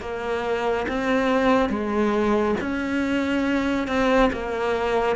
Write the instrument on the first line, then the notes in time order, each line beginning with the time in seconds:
cello
0.00 A#3
0.88 C4
1.69 G#3
2.60 C#4
3.87 C4
4.32 A#3